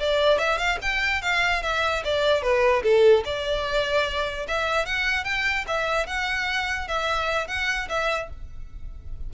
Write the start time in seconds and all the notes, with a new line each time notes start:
0.00 D5
0.39 E5
0.58 F5
0.82 G5
1.22 F5
1.63 E5
2.05 D5
2.42 B4
2.83 A4
3.25 D5
4.48 E5
4.86 F#5
5.25 G5
5.68 E5
6.07 F#5
6.88 E5
7.48 F#5
7.89 E5